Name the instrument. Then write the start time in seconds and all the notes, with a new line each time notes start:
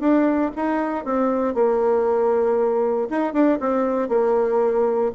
bassoon
0.00 D4
0.56 D#4
1.05 C4
1.55 A#3
3.10 D#4
3.33 D4
3.60 C4
4.09 A#3